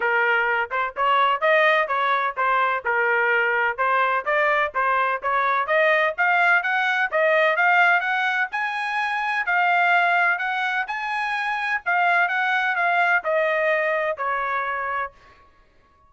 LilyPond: \new Staff \with { instrumentName = "trumpet" } { \time 4/4 \tempo 4 = 127 ais'4. c''8 cis''4 dis''4 | cis''4 c''4 ais'2 | c''4 d''4 c''4 cis''4 | dis''4 f''4 fis''4 dis''4 |
f''4 fis''4 gis''2 | f''2 fis''4 gis''4~ | gis''4 f''4 fis''4 f''4 | dis''2 cis''2 | }